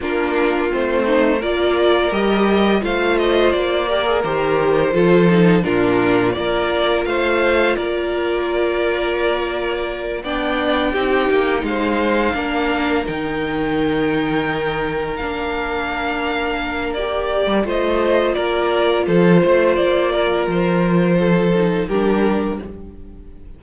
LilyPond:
<<
  \new Staff \with { instrumentName = "violin" } { \time 4/4 \tempo 4 = 85 ais'4 c''4 d''4 dis''4 | f''8 dis''8 d''4 c''2 | ais'4 d''4 f''4 d''4~ | d''2~ d''8 g''4.~ |
g''8 f''2 g''4.~ | g''4. f''2~ f''8 | d''4 dis''4 d''4 c''4 | d''4 c''2 ais'4 | }
  \new Staff \with { instrumentName = "violin" } { \time 4/4 f'4. dis'8 ais'2 | c''4. ais'4. a'4 | f'4 ais'4 c''4 ais'4~ | ais'2~ ais'8 d''4 g'8~ |
g'8 c''4 ais'2~ ais'8~ | ais'1~ | ais'4 c''4 ais'4 a'8 c''8~ | c''8 ais'4. a'4 g'4 | }
  \new Staff \with { instrumentName = "viola" } { \time 4/4 d'4 c'4 f'4 g'4 | f'4. g'16 gis'16 g'4 f'8 dis'8 | d'4 f'2.~ | f'2~ f'8 d'4 dis'8~ |
dis'4. d'4 dis'4.~ | dis'4. d'2~ d'8 | g'4 f'2.~ | f'2~ f'8 dis'8 d'4 | }
  \new Staff \with { instrumentName = "cello" } { \time 4/4 ais4 a4 ais4 g4 | a4 ais4 dis4 f4 | ais,4 ais4 a4 ais4~ | ais2~ ais8 b4 c'8 |
ais8 gis4 ais4 dis4.~ | dis4. ais2~ ais8~ | ais8. g16 a4 ais4 f8 a8 | ais4 f2 g4 | }
>>